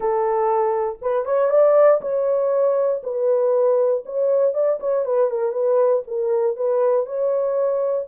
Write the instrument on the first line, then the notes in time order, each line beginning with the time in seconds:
horn
0.00 A4
1.01 B4
1.25 C#5
1.50 D5
2.01 C#5
3.03 B4
4.05 C#5
4.54 D5
4.79 C#5
5.05 B4
5.30 A#4
5.52 B4
6.07 A#4
6.56 B4
7.05 C#5